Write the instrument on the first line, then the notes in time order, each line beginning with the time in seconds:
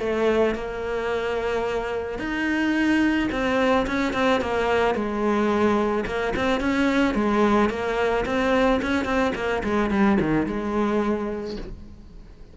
cello
0.00 A3
0.55 A#3
2.19 D#4
3.32 C4
3.87 C#4
4.13 C4
4.41 A#3
4.95 G#3
6.07 A#3
6.36 C4
6.61 C#4
7.15 G#3
7.70 A#3
8.26 C4
8.82 C#4
9.05 C4
9.36 A#3
9.64 G#3
9.91 G3
10.21 D#3
10.47 G#3